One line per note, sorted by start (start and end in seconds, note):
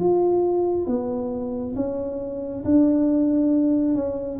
0.00 0.87 F4
0.87 1.75 B3
1.76 2.64 C#4
2.65 3.95 D4
3.95 4.39 C#4